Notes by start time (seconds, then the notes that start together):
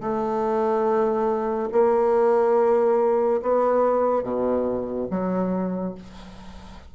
0.00 A3
1.72 A#3
3.42 B3
4.23 B2
5.10 F#3